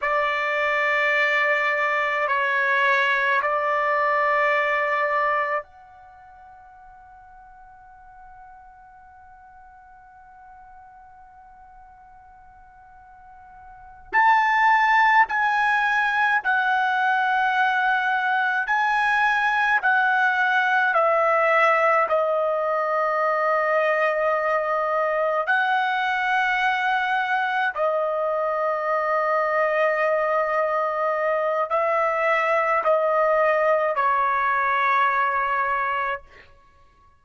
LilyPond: \new Staff \with { instrumentName = "trumpet" } { \time 4/4 \tempo 4 = 53 d''2 cis''4 d''4~ | d''4 fis''2.~ | fis''1~ | fis''8 a''4 gis''4 fis''4.~ |
fis''8 gis''4 fis''4 e''4 dis''8~ | dis''2~ dis''8 fis''4.~ | fis''8 dis''2.~ dis''8 | e''4 dis''4 cis''2 | }